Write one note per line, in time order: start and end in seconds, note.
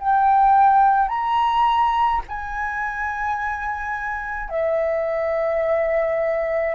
0.00 1.09 G5
1.09 2.22 A#5
2.28 4.50 G#5
4.50 6.75 E5